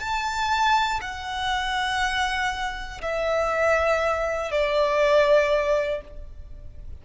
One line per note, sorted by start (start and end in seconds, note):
0.00 1.00 A5
1.01 3.01 F#5
3.02 4.51 E5
4.51 6.01 D5